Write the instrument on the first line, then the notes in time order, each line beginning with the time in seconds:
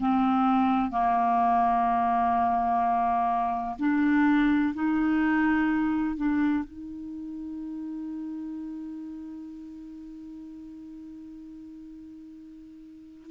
clarinet
0.00 C4
0.91 A#3
3.79 D4
4.74 D#4
6.17 D4
6.65 D#4